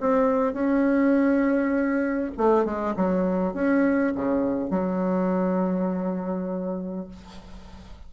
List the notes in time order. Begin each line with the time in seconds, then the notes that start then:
0.00 C4
0.53 C#4
2.37 A3
2.65 G#3
2.96 F#3
3.54 C#4
4.15 C#3
4.70 F#3